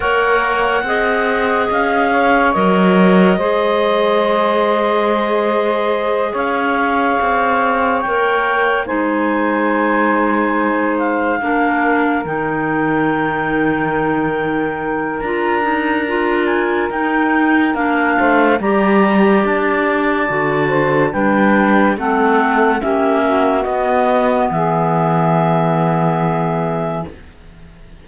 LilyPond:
<<
  \new Staff \with { instrumentName = "clarinet" } { \time 4/4 \tempo 4 = 71 fis''2 f''4 dis''4~ | dis''2.~ dis''8 f''8~ | f''4. g''4 gis''4.~ | gis''4 f''4. g''4.~ |
g''2 ais''4. gis''8 | g''4 f''4 ais''4 a''4~ | a''4 g''4 fis''4 e''4 | dis''4 e''2. | }
  \new Staff \with { instrumentName = "saxophone" } { \time 4/4 cis''4 dis''4. cis''4. | c''2.~ c''8 cis''8~ | cis''2~ cis''8 c''4.~ | c''4. ais'2~ ais'8~ |
ais'1~ | ais'4. c''8 d''2~ | d''8 c''8 b'4 a'4 g'8 fis'8~ | fis'4 gis'2. | }
  \new Staff \with { instrumentName = "clarinet" } { \time 4/4 ais'4 gis'2 ais'4 | gis'1~ | gis'4. ais'4 dis'4.~ | dis'4. d'4 dis'4.~ |
dis'2 f'8 dis'8 f'4 | dis'4 d'4 g'2 | fis'4 d'4 c'4 cis'4 | b1 | }
  \new Staff \with { instrumentName = "cello" } { \time 4/4 ais4 c'4 cis'4 fis4 | gis2.~ gis8 cis'8~ | cis'8 c'4 ais4 gis4.~ | gis4. ais4 dis4.~ |
dis2 d'2 | dis'4 ais8 a8 g4 d'4 | d4 g4 a4 ais4 | b4 e2. | }
>>